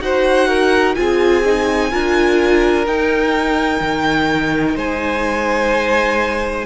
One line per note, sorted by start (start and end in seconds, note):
0.00 0.95 D#4
0.00 0.95 F#4
0.00 0.48 C5
0.00 0.95 F#5
0.48 0.95 A#4
0.95 1.93 C4
0.95 1.43 F4
0.95 1.91 G#4
0.95 2.85 G#5
1.45 1.91 D#4
1.91 2.86 D4
1.91 2.86 F4
1.91 4.76 A#4
2.86 3.80 D#4
2.86 6.66 D#4
2.86 4.77 G5
3.80 4.75 D#3
4.76 6.66 G#3
4.76 6.66 C5
4.76 6.66 G#5